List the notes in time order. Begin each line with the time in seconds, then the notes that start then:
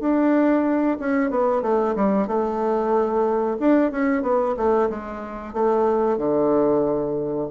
0.00 D4
1.00 C#4
1.30 B3
1.62 A3
1.96 G3
2.28 A3
3.60 D4
3.92 C#4
4.23 B3
4.57 A3
4.90 G#3
5.54 A3
6.18 D3